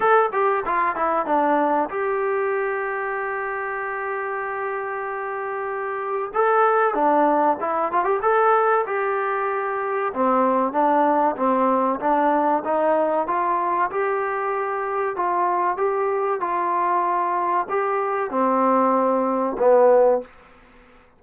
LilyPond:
\new Staff \with { instrumentName = "trombone" } { \time 4/4 \tempo 4 = 95 a'8 g'8 f'8 e'8 d'4 g'4~ | g'1~ | g'2 a'4 d'4 | e'8 f'16 g'16 a'4 g'2 |
c'4 d'4 c'4 d'4 | dis'4 f'4 g'2 | f'4 g'4 f'2 | g'4 c'2 b4 | }